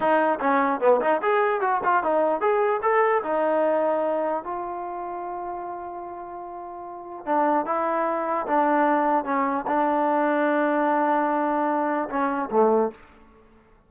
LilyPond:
\new Staff \with { instrumentName = "trombone" } { \time 4/4 \tempo 4 = 149 dis'4 cis'4 b8 dis'8 gis'4 | fis'8 f'8 dis'4 gis'4 a'4 | dis'2. f'4~ | f'1~ |
f'2 d'4 e'4~ | e'4 d'2 cis'4 | d'1~ | d'2 cis'4 a4 | }